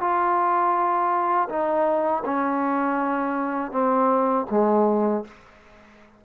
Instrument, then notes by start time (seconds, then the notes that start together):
trombone
0.00 F4
1.49 D#4
2.25 C#4
3.71 C4
4.50 G#3